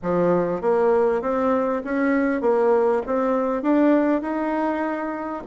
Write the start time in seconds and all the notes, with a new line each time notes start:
0.02 F3
0.61 A#3
1.21 C4
1.84 C#4
2.41 A#3
3.06 C4
3.62 D4
4.21 D#4